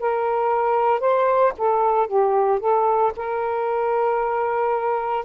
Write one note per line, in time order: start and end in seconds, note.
0.00 1.00 A#4
1.00 1.53 C5
1.58 2.08 A4
2.08 2.60 G4
2.60 3.12 A4
3.17 5.25 A#4